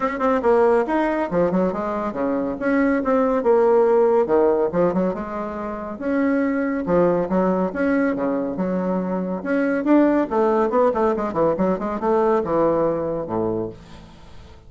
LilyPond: \new Staff \with { instrumentName = "bassoon" } { \time 4/4 \tempo 4 = 140 cis'8 c'8 ais4 dis'4 f8 fis8 | gis4 cis4 cis'4 c'4 | ais2 dis4 f8 fis8 | gis2 cis'2 |
f4 fis4 cis'4 cis4 | fis2 cis'4 d'4 | a4 b8 a8 gis8 e8 fis8 gis8 | a4 e2 a,4 | }